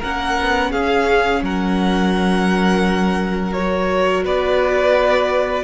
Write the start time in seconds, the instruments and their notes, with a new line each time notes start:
0.00 cello A#3, viola C#4, violin A#4 F#5
0.41 cello B3
0.71 cello C#4, violin G#4 F5
1.42 cello F#3, violin A#4 F#5
3.53 viola F#4, violin C#5
4.24 cello B3, violin B4 D5